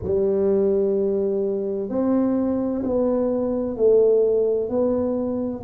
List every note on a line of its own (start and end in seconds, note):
0.03 1.89 G3
1.89 2.83 C4
2.83 3.76 B3
3.76 4.69 A3
4.69 5.62 B3